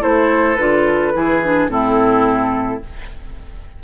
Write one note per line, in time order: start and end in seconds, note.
0.00 0.58 A3
0.00 0.56 E4
0.00 1.13 A4
0.00 0.55 C5
0.55 1.14 D3
0.55 1.14 F4
0.55 1.68 B4
1.14 1.69 E3
1.14 1.42 E4
1.14 1.71 G#4
1.44 1.69 D4
1.69 2.81 A2
1.69 2.81 C4
1.69 2.84 E4
1.69 2.83 A4